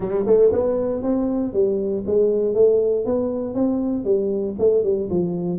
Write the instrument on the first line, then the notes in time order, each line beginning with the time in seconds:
tuba
0.00 G3
0.26 A3
0.52 B3
1.02 C4
1.53 G3
2.06 G#3
2.54 A3
3.05 B3
3.54 C4
4.04 G3
4.58 A3
4.83 G3
5.10 F3